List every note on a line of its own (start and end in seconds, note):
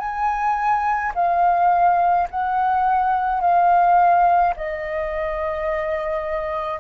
0.00 1.13 G#5
1.15 2.28 F5
2.31 3.41 F#5
3.41 4.54 F5
4.57 6.80 D#5